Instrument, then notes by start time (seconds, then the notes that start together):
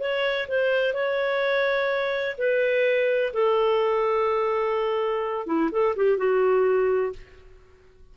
clarinet
0.00 C#5
0.48 C5
0.94 C#5
2.38 B4
3.34 A4
5.47 E4
5.72 A4
5.97 G4
6.18 F#4